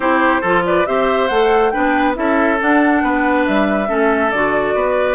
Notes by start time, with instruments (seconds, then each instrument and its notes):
0.00 bassoon C4, clarinet E4, oboe G4, flute C5
0.41 bassoon F3, clarinet F4, oboe A4
0.65 oboe B4, flute D5
0.86 bassoon C4, clarinet G4, oboe C5, flute E5
1.27 bassoon A3, clarinet A4, flute F#5
1.70 clarinet D4, oboe B4, flute G5
1.76 bassoon B3
2.14 bassoon C#4, clarinet E4, oboe A4, flute E5
2.59 clarinet D4, bassoon D4, flute F#5
3.03 bassoon B3, oboe B4
3.45 bassoon G3, flute E5
3.87 bassoon A3, clarinet C#4, oboe A4
4.30 bassoon D3, clarinet F#4, flute D5
4.74 bassoon B3, oboe B4